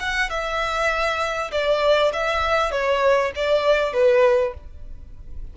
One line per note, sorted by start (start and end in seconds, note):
0.00 0.30 F#5
0.30 1.52 E5
1.52 2.12 D5
2.13 2.72 E5
2.72 3.32 C#5
3.36 3.93 D5
3.93 4.54 B4